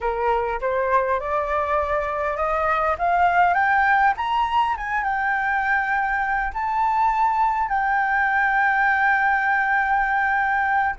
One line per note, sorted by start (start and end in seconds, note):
0.00 0.60 A#4
0.60 1.20 C5
1.20 2.36 D5
2.36 2.96 D#5
2.98 3.54 F5
3.54 4.13 G5
4.16 4.76 A#5
4.77 5.03 G#5
5.03 6.52 G5
6.53 7.68 A5
7.68 10.95 G5